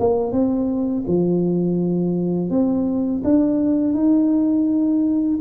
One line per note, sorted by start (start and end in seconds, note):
0.00 0.32 A#3
0.32 1.04 C4
1.08 2.50 F3
2.50 3.23 C4
3.25 3.94 D4
3.94 5.39 D#4